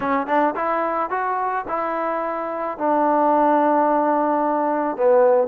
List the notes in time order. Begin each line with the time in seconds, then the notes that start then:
0.00 C#4
0.27 D4
0.55 E4
1.10 F#4
1.68 E4
2.77 D4
4.96 B3